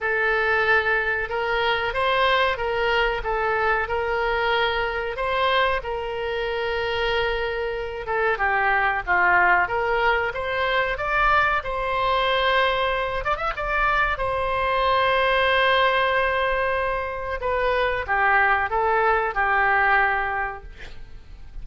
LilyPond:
\new Staff \with { instrumentName = "oboe" } { \time 4/4 \tempo 4 = 93 a'2 ais'4 c''4 | ais'4 a'4 ais'2 | c''4 ais'2.~ | ais'8 a'8 g'4 f'4 ais'4 |
c''4 d''4 c''2~ | c''8 d''16 e''16 d''4 c''2~ | c''2. b'4 | g'4 a'4 g'2 | }